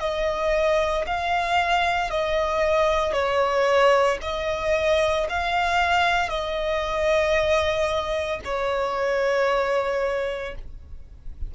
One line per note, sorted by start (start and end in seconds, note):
0.00 1.05 D#5
1.07 2.11 F5
2.11 3.13 D#5
3.13 4.18 C#5
4.22 5.27 D#5
5.29 6.30 F5
6.30 8.40 D#5
8.44 10.55 C#5